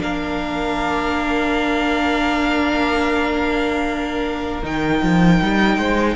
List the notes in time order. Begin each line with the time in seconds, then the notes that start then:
0.00 A#3 D4 A#4 F5
4.63 D#3 D#4 G5
5.02 F3
5.42 G3
5.78 G#3 C5